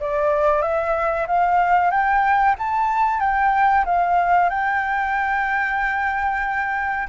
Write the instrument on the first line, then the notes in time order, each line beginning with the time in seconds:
flute
0.00 D5
0.62 E5
1.27 F5
1.91 G5
2.58 A5
3.20 G5
3.85 F5
4.50 G5